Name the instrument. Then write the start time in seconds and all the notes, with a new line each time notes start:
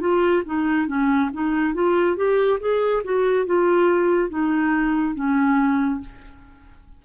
clarinet
0.00 F4
0.46 D#4
0.87 C#4
1.33 D#4
1.74 F4
2.16 G4
2.60 G#4
3.04 F#4
3.46 F4
4.29 D#4
5.15 C#4